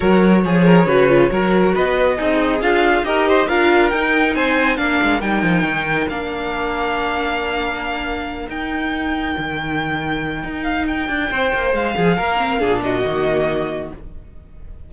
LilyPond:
<<
  \new Staff \with { instrumentName = "violin" } { \time 4/4 \tempo 4 = 138 cis''1 | dis''2 f''4 dis''4 | f''4 g''4 gis''4 f''4 | g''2 f''2~ |
f''2.~ f''8 g''8~ | g''1~ | g''8 f''8 g''2 f''4~ | f''4. dis''2~ dis''8 | }
  \new Staff \with { instrumentName = "violin" } { \time 4/4 ais'4 gis'8 ais'8 b'4 ais'4 | b'4 dis'4 f'4 ais'8 c''8 | ais'2 c''4 ais'4~ | ais'1~ |
ais'1~ | ais'1~ | ais'2 c''4. gis'8 | ais'4 gis'8 fis'2~ fis'8 | }
  \new Staff \with { instrumentName = "viola" } { \time 4/4 fis'4 gis'4 fis'8 f'8 fis'4~ | fis'4 gis'2 g'4 | f'4 dis'2 d'4 | dis'2 d'2~ |
d'2.~ d'8 dis'8~ | dis'1~ | dis'1~ | dis'8 c'8 d'4 ais2 | }
  \new Staff \with { instrumentName = "cello" } { \time 4/4 fis4 f4 cis4 fis4 | b4 c'4 d'4 dis'4 | d'4 dis'4 c'4 ais8 gis8 | g8 f8 dis4 ais2~ |
ais2.~ ais8 dis'8~ | dis'4. dis2~ dis8 | dis'4. d'8 c'8 ais8 gis8 f8 | ais4 ais,4 dis2 | }
>>